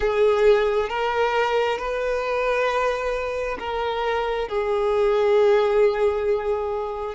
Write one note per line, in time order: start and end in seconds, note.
0.00 0.89 G#4
0.89 1.78 A#4
1.78 3.57 B4
3.59 4.48 A#4
4.48 7.14 G#4